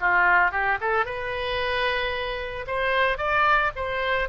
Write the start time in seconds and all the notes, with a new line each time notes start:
0.00 F4
0.51 G4
0.80 A4
1.05 B4
2.67 C5
3.18 D5
3.75 C5